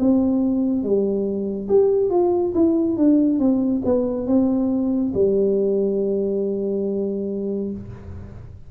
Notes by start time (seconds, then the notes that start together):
0.00 C4
0.83 G3
1.69 G4
2.10 F4
2.55 E4
2.97 D4
3.39 C4
3.85 B3
4.27 C4
5.14 G3